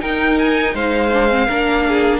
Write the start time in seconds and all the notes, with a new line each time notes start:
0.00 D#4 A#4 G5
0.39 G#5
0.74 G#3 C5 F5
1.13 D4
1.29 C4
1.47 A#3 D4 A#4
1.88 G#4